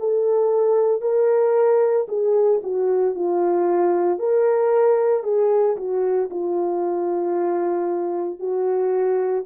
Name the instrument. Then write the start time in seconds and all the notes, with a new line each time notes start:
horn
0.00 A4
1.01 A#4
2.09 G#4
2.64 F#4
3.15 F4
4.20 A#4
5.24 G#4
5.77 F#4
6.30 F4
8.40 F#4